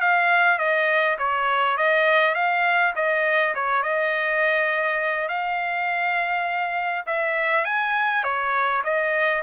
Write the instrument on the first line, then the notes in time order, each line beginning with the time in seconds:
trumpet
0.00 F5
0.58 D#5
1.18 C#5
1.77 D#5
2.34 F5
2.95 D#5
3.54 C#5
3.82 D#5
5.28 F5
7.06 E5
7.64 G#5
8.23 C#5
8.84 D#5